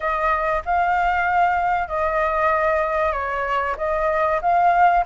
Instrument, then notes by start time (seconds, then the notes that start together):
flute
0.00 D#5
0.65 F5
1.88 D#5
3.12 C#5
3.77 D#5
4.41 F5